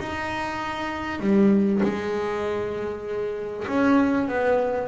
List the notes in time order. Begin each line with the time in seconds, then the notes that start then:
0.00 D#4
1.20 G3
1.83 G#3
3.68 C#4
4.28 B3